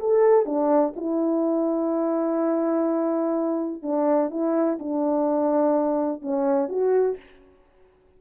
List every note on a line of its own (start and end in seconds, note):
0.00 0.46 A4
0.46 0.94 D4
0.96 3.83 E4
3.83 4.31 D4
4.31 4.79 E4
4.80 6.22 D4
6.22 6.69 C#4
6.69 7.17 F#4